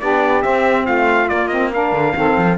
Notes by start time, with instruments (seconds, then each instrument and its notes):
0.00 cello B3, saxophone D4 G4, trumpet D5
0.41 saxophone C4, cello C4, trumpet E5
0.84 cello A3, saxophone F4, trumpet F5
1.27 saxophone A#3, cello A#3, trumpet D5
1.47 saxophone C4, trumpet D#5
1.73 saxophone D4 A#4, trumpet F5
1.92 cello D3
2.15 cello D#3, saxophone C4 A4
2.37 cello F3